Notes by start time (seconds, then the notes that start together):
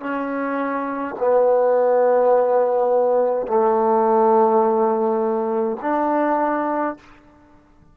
0.00 C#4
1.19 B3
3.47 A3
5.82 D4